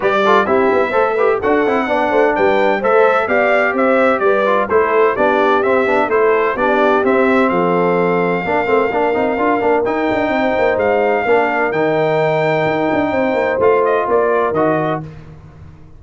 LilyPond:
<<
  \new Staff \with { instrumentName = "trumpet" } { \time 4/4 \tempo 4 = 128 d''4 e''2 fis''4~ | fis''4 g''4 e''4 f''4 | e''4 d''4 c''4 d''4 | e''4 c''4 d''4 e''4 |
f''1~ | f''4 g''2 f''4~ | f''4 g''2.~ | g''4 f''8 dis''8 d''4 dis''4 | }
  \new Staff \with { instrumentName = "horn" } { \time 4/4 b'8 a'8 g'4 c''8 b'8 a'4 | d''8 c''8 b'4 c''4 d''4 | c''4 b'4 a'4 g'4~ | g'4 a'4 g'2 |
a'2 ais'2~ | ais'2 c''2 | ais'1 | c''2 ais'2 | }
  \new Staff \with { instrumentName = "trombone" } { \time 4/4 g'8 f'8 e'4 a'8 g'8 fis'8 e'8 | d'2 a'4 g'4~ | g'4. f'8 e'4 d'4 | c'8 d'8 e'4 d'4 c'4~ |
c'2 d'8 c'8 d'8 dis'8 | f'8 d'8 dis'2. | d'4 dis'2.~ | dis'4 f'2 fis'4 | }
  \new Staff \with { instrumentName = "tuba" } { \time 4/4 g4 c'8 b8 a4 d'8 c'8 | b8 a8 g4 a4 b4 | c'4 g4 a4 b4 | c'8 b8 a4 b4 c'4 |
f2 ais8 a8 ais8 c'8 | d'8 ais8 dis'8 d'8 c'8 ais8 gis4 | ais4 dis2 dis'8 d'8 | c'8 ais8 a4 ais4 dis4 | }
>>